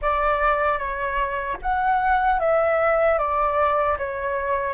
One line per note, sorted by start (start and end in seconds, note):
0.01 0.78 D5
0.78 1.57 C#5
1.61 2.39 F#5
2.39 3.18 E5
3.18 3.97 D5
3.98 4.74 C#5